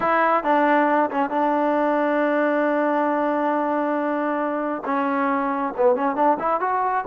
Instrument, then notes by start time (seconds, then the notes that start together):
trombone
0.00 E4
0.43 D4
1.10 C#4
1.30 D4
4.85 C#4
5.77 B3
5.95 C#4
6.15 D4
6.39 E4
6.60 F#4